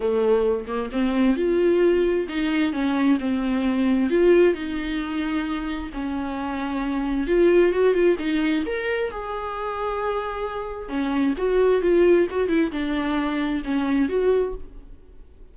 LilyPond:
\new Staff \with { instrumentName = "viola" } { \time 4/4 \tempo 4 = 132 a4. ais8 c'4 f'4~ | f'4 dis'4 cis'4 c'4~ | c'4 f'4 dis'2~ | dis'4 cis'2. |
f'4 fis'8 f'8 dis'4 ais'4 | gis'1 | cis'4 fis'4 f'4 fis'8 e'8 | d'2 cis'4 fis'4 | }